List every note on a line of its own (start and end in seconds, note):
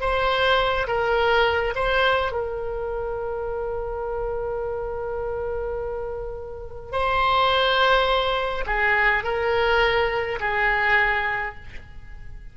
0.00 0.87 C5
0.87 1.74 A#4
1.75 2.32 C5
2.32 6.92 A#4
6.92 8.65 C5
8.66 9.24 G#4
9.24 10.39 A#4
10.40 11.55 G#4